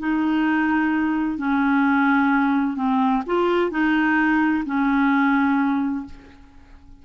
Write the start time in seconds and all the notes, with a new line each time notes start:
0.00 D#4
1.38 C#4
2.77 C4
3.27 F4
3.71 D#4
4.66 C#4